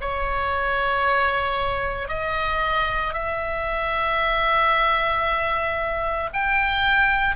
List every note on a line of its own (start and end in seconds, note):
0.00 2.08 C#5
2.08 3.13 D#5
3.13 6.29 E5
6.33 7.35 G5